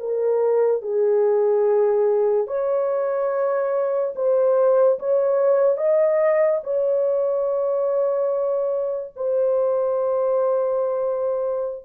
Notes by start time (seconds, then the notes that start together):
0.00 A#4
0.82 G#4
2.48 C#5
4.16 C5
5.00 C#5
5.78 D#5
6.64 C#5
9.16 C5